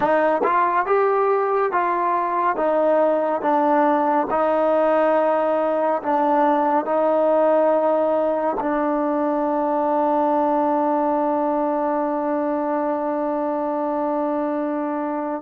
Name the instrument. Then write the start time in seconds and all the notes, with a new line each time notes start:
trombone
0.00 D#4
0.43 F4
0.86 G4
1.71 F4
2.56 D#4
3.41 D4
4.30 D#4
6.02 D4
6.85 D#4
8.59 D4